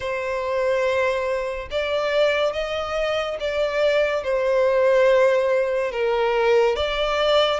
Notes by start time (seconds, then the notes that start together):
0.00 C5
1.71 D5
2.52 D#5
3.40 D5
4.23 C5
5.91 A#4
6.76 D5